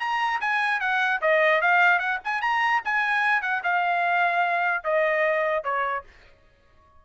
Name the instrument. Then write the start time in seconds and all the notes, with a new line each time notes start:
trumpet
0.00 A#5
0.41 G#5
0.80 F#5
1.21 D#5
1.61 F5
1.99 F#5
2.24 G#5
2.42 A#5
2.85 G#5
3.42 F#5
3.64 F5
4.84 D#5
5.64 C#5